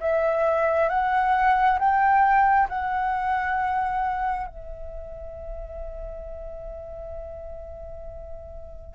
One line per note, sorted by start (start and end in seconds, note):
0.00 0.89 E5
0.89 1.78 F#5
1.79 2.68 G5
2.69 4.47 F#5
4.47 8.95 E5